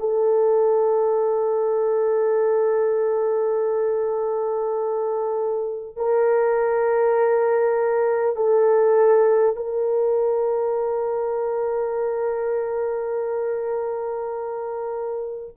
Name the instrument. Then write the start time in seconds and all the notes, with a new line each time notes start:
horn
0.00 A4
5.97 A#4
8.36 A4
9.56 A#4